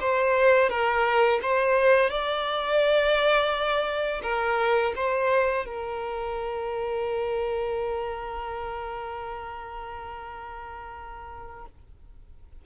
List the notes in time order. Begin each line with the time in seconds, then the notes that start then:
0.00 C5
0.69 A#4
1.42 C5
2.10 D5
4.22 A#4
4.95 C5
5.65 A#4